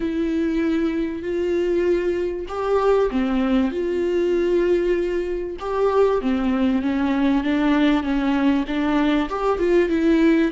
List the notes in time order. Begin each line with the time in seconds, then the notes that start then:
0.00 E4
1.22 F4
2.48 G4
3.10 C4
3.71 F4
5.59 G4
6.21 C4
6.82 C#4
7.43 D4
8.03 C#4
8.67 D4
9.29 G4
9.58 F4
9.89 E4